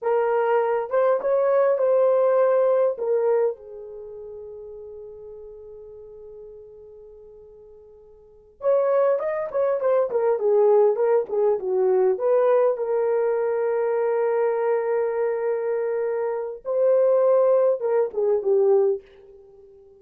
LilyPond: \new Staff \with { instrumentName = "horn" } { \time 4/4 \tempo 4 = 101 ais'4. c''8 cis''4 c''4~ | c''4 ais'4 gis'2~ | gis'1~ | gis'2~ gis'8 cis''4 dis''8 |
cis''8 c''8 ais'8 gis'4 ais'8 gis'8 fis'8~ | fis'8 b'4 ais'2~ ais'8~ | ais'1 | c''2 ais'8 gis'8 g'4 | }